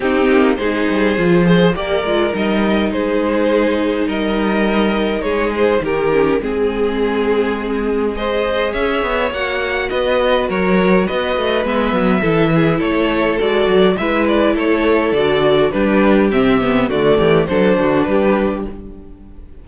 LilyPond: <<
  \new Staff \with { instrumentName = "violin" } { \time 4/4 \tempo 4 = 103 g'4 c''2 d''4 | dis''4 c''2 dis''4~ | dis''4 cis''8 c''8 ais'4 gis'4~ | gis'2 dis''4 e''4 |
fis''4 dis''4 cis''4 dis''4 | e''2 cis''4 d''4 | e''8 d''8 cis''4 d''4 b'4 | e''4 d''4 c''4 b'4 | }
  \new Staff \with { instrumentName = "violin" } { \time 4/4 dis'4 gis'4. c''8 ais'4~ | ais'4 gis'2 ais'4~ | ais'4 gis'4 g'4 gis'4~ | gis'2 c''4 cis''4~ |
cis''4 b'4 ais'4 b'4~ | b'4 a'8 gis'8 a'2 | b'4 a'2 g'4~ | g'4 fis'8 g'8 a'8 fis'8 g'4 | }
  \new Staff \with { instrumentName = "viola" } { \time 4/4 c'4 dis'4 f'8 gis'8 g'8 f'8 | dis'1~ | dis'2~ dis'8 cis'8 c'4~ | c'2 gis'2 |
fis'1 | b4 e'2 fis'4 | e'2 fis'4 d'4 | c'8 b8 a4 d'2 | }
  \new Staff \with { instrumentName = "cello" } { \time 4/4 c'8 ais8 gis8 g8 f4 ais8 gis8 | g4 gis2 g4~ | g4 gis4 dis4 gis4~ | gis2. cis'8 b8 |
ais4 b4 fis4 b8 a8 | gis8 fis8 e4 a4 gis8 fis8 | gis4 a4 d4 g4 | c4 d8 e8 fis8 d8 g4 | }
>>